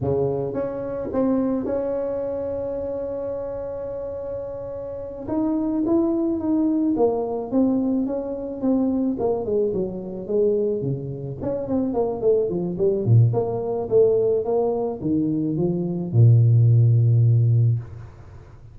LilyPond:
\new Staff \with { instrumentName = "tuba" } { \time 4/4 \tempo 4 = 108 cis4 cis'4 c'4 cis'4~ | cis'1~ | cis'4. dis'4 e'4 dis'8~ | dis'8 ais4 c'4 cis'4 c'8~ |
c'8 ais8 gis8 fis4 gis4 cis8~ | cis8 cis'8 c'8 ais8 a8 f8 g8 ais,8 | ais4 a4 ais4 dis4 | f4 ais,2. | }